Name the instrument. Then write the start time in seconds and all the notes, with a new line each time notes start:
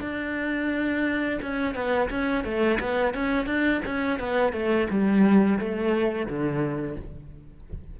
cello
0.00 D4
1.41 C#4
1.74 B3
2.10 C#4
2.44 A3
2.80 B3
3.14 C#4
3.46 D4
3.85 C#4
4.19 B3
4.52 A3
4.90 G3
5.59 A3
6.26 D3